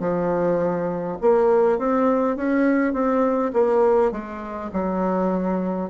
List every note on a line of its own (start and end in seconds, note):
0.00 1.18 F3
1.21 1.78 A#3
1.78 2.36 C4
2.36 2.93 C#4
2.93 3.52 C4
3.53 4.12 A#3
4.12 4.71 G#3
4.73 5.90 F#3